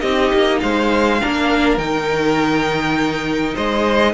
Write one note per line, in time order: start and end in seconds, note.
0.00 0.32 C4
0.00 1.20 D#4
0.00 0.60 G4
0.00 0.59 D#5
0.33 0.62 A#3
0.60 1.21 G#3
0.60 1.20 C5
0.60 1.77 F5
1.20 1.77 A#3
1.20 1.78 D4
1.20 3.54 A#4
1.77 3.53 D#3
1.77 4.13 D#4
1.77 3.54 G5
3.54 4.13 G#3
3.54 4.13 C5
3.54 4.13 D#5